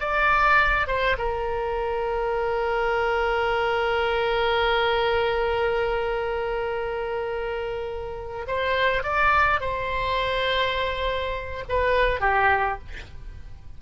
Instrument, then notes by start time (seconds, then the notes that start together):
oboe
0.00 D5
0.87 C5
1.18 A#4
8.47 C5
9.03 D5
9.60 C5
11.69 B4
12.20 G4